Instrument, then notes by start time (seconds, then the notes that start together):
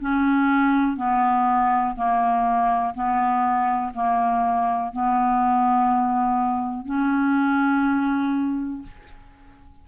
clarinet
0.00 C#4
0.97 B3
1.95 A#3
2.94 B3
3.93 A#3
4.92 B3
6.85 C#4